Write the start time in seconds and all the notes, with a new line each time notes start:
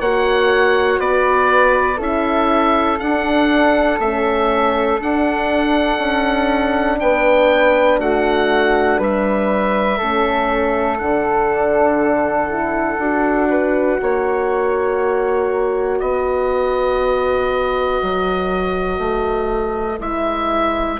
0.00 A#3 F#4 C#5 F#5
0.99 B3 B4 D5
1.97 C#4 E4 A4 E5
2.99 D4 F#5
3.99 A3 C#4 E5
5.00 D4 F#5
5.98 C#4
7.00 B3 B4 G5
7.99 A3 F#4 F#5
8.98 G3 B4 E5
9.98 A3 C#4 A4
10.98 D3 D4 F#5
12.49 E4
12.98 D4 F#4
13.50 B4
14.01 A#3 C#5
15.99 B3 B4 D#5
18.02 F#3
18.98 A3
19.99 G#3 E4 E5